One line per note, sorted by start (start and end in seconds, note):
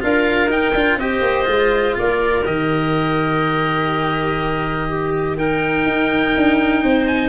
0.00 0.47 D4
0.00 0.49 F4
0.00 0.98 A#4
0.00 0.51 F5
0.47 0.71 D#4
0.47 0.74 D#4
0.47 0.99 G5
0.74 0.97 D4
0.74 0.99 F4
0.97 1.21 C4
0.97 1.45 G4
0.97 1.96 C5
0.97 1.97 D#5
1.21 1.46 A#3
1.45 1.95 G#3
1.45 2.42 F4
1.98 2.46 A#3
1.98 4.89 A#4
1.98 2.45 D5
2.45 5.86 D#3
2.45 5.38 G4
2.45 5.38 D#5
4.89 5.37 G4
5.37 7.29 D#4
5.37 6.83 A#4
5.37 7.07 G5
5.86 6.34 D#4
6.36 6.83 D4
6.83 7.29 C4
6.83 7.29 C5
7.07 7.29 G#5